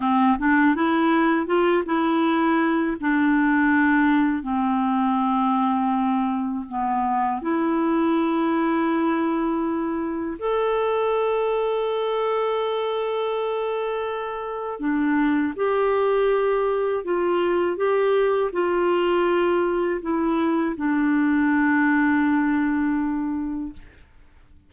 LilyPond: \new Staff \with { instrumentName = "clarinet" } { \time 4/4 \tempo 4 = 81 c'8 d'8 e'4 f'8 e'4. | d'2 c'2~ | c'4 b4 e'2~ | e'2 a'2~ |
a'1 | d'4 g'2 f'4 | g'4 f'2 e'4 | d'1 | }